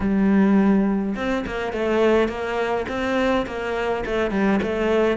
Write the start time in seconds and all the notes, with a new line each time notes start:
0.00 G3
1.15 C4
1.46 A#3
1.73 A3
2.28 A#3
2.88 C4
3.46 A#3
4.05 A3
4.30 G3
4.62 A3